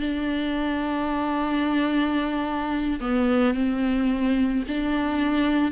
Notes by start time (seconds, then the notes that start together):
0.00 D4
3.00 B3
3.54 C4
4.68 D4